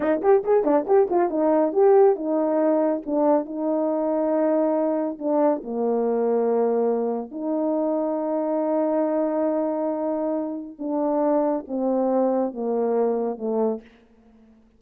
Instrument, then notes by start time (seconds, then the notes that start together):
horn
0.00 D#4
0.22 G4
0.44 G#4
0.64 D4
0.87 G4
1.09 F4
1.29 D#4
1.72 G4
2.15 D#4
3.05 D4
3.45 D#4
5.18 D4
5.63 A#3
7.31 D#4
10.78 D4
11.67 C4
12.53 A#3
13.38 A3